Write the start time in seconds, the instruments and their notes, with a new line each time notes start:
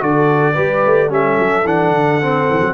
0.00 tuba D3, trombone F#4, horn A4, trumpet D5
0.54 tuba G3, trombone G4, horn B4
0.86 tuba A3
1.09 tuba G3, trombone C#4, horn A4, trumpet E5
1.39 tuba F#3
1.65 tuba E3, trombone D4, trumpet F#5
1.91 tuba D3
2.21 trombone C4
2.50 tuba E3
2.61 tuba F#3